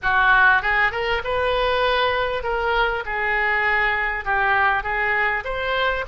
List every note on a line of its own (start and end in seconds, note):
0.02 0.62 F#4
0.62 0.91 G#4
0.91 1.21 A#4
1.24 2.43 B4
2.43 3.03 A#4
3.05 4.24 G#4
4.24 4.83 G4
4.83 5.43 G#4
5.44 6.04 C5